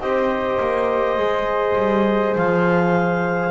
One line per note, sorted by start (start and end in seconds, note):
0.00 0.59 C4
0.00 1.18 G4
0.00 3.50 C5
0.00 2.35 D#5
0.60 1.18 A#3
1.18 1.76 G#3
1.18 3.50 G#4
1.77 2.36 G3
2.37 3.50 F3
2.37 3.50 F5